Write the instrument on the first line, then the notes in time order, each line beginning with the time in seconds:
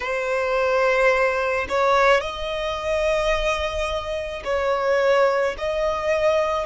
violin
0.00 C5
1.69 C#5
2.20 D#5
4.44 C#5
5.58 D#5